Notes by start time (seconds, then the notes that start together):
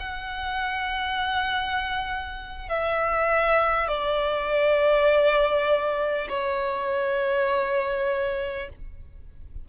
0.00 F#5
2.69 E5
3.88 D5
6.29 C#5